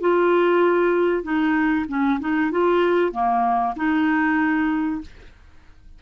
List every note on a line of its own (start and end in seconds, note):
0.00 1.23 F4
1.23 1.85 D#4
1.88 2.19 C#4
2.20 2.51 D#4
2.51 3.11 F4
3.11 3.74 A#3
3.76 5.01 D#4